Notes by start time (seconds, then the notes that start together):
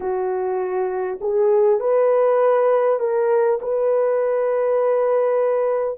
0.00 F#4
1.21 G#4
1.79 B4
2.99 A#4
3.61 B4